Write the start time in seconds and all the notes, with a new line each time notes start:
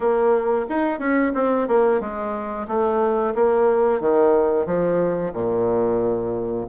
0.00 A#3
0.69 D#4
0.99 C#4
1.34 C4
1.68 A#3
2.00 G#3
2.67 A3
3.34 A#3
4.00 D#3
4.65 F3
5.33 A#2